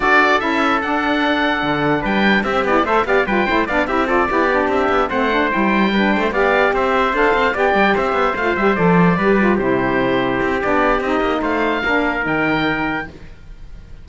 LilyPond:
<<
  \new Staff \with { instrumentName = "oboe" } { \time 4/4 \tempo 4 = 147 d''4 e''4 fis''2~ | fis''4 g''4 e''8 d''8 e''8 f''8 | g''4 f''8 e''8 d''4. e''8~ | e''8 fis''4 g''2 f''8~ |
f''8 e''4 f''4 g''4 e''8~ | e''8 f''8 e''8 d''2 c''8~ | c''2 d''4 dis''4 | f''2 g''2 | }
  \new Staff \with { instrumentName = "trumpet" } { \time 4/4 a'1~ | a'4 b'4 g'4 c''8 d''8 | b'8 c''8 d''8 g'8 a'8 g'4.~ | g'8 c''2 b'8 c''8 d''8~ |
d''8 c''2 d''4 c''8~ | c''2~ c''8 b'4 g'8~ | g'1 | c''4 ais'2. | }
  \new Staff \with { instrumentName = "saxophone" } { \time 4/4 fis'4 e'4 d'2~ | d'2 c'8 e'8 a'8 g'8 | f'8 e'8 d'8 e'8 f'8 e'8 d'4~ | d'8 c'8 d'8 e'4 d'4 g'8~ |
g'4. a'4 g'4.~ | g'8 f'8 g'8 a'4 g'8 f'8 e'8~ | e'2 d'4 dis'4~ | dis'4 d'4 dis'2 | }
  \new Staff \with { instrumentName = "cello" } { \time 4/4 d'4 cis'4 d'2 | d4 g4 c'8 b8 a8 b8 | g8 a8 b8 c'4 b4 c'8 | b8 a4 g4. a8 b8~ |
b8 c'4 d'8 c'8 b8 g8 c'8 | b8 a8 g8 f4 g4 c8~ | c4. c'8 b4 c'8 ais8 | a4 ais4 dis2 | }
>>